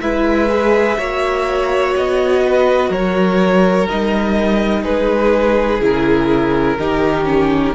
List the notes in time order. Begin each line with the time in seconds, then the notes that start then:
0.00 G#3 E4 B4 E5
0.48 G#4
0.97 A#3 F#4 C#5
1.96 B3 D#5
2.44 B4
2.89 F#3 A#4 C#5
3.89 G3 D#4 D#5
4.81 G#3 G#4 B4
5.80 C#3 E4 A#4
6.78 D#3 D#4 G4
7.24 C#4